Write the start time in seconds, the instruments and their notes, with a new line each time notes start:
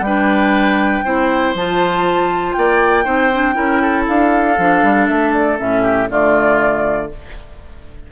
0.00 bassoon G3, clarinet D4, oboe B4, flute G5
1.04 bassoon C4, clarinet E4, oboe C5
1.54 bassoon F3, clarinet F4, flute A5
2.53 bassoon A#3, oboe D5, flute G5
3.04 bassoon C4, clarinet D#4, oboe C5
3.33 clarinet D4
3.54 bassoon C#4, clarinet E4, oboe A#4
3.82 oboe A4
4.08 bassoon D4, flute F5
4.58 bassoon F3, clarinet D4
4.83 bassoon G3
5.08 bassoon A3, flute E5
5.33 flute D5
5.57 bassoon A2, clarinet C#4, flute E5
5.82 oboe G4
6.09 bassoon D3, clarinet A3, oboe F4, flute D5